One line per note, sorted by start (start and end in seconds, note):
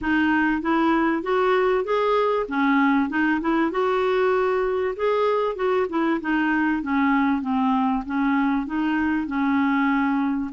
0.01 0.61 D#4
0.61 1.23 E4
1.23 1.84 F#4
1.84 2.46 G#4
2.48 3.09 C#4
3.09 3.40 D#4
3.40 3.71 E4
3.71 4.94 F#4
4.96 5.55 G#4
5.55 5.86 F#4
5.89 6.20 E4
6.20 6.82 D#4
6.82 7.41 C#4
7.41 8.03 C4
8.06 8.66 C#4
8.66 9.26 D#4
9.26 10.50 C#4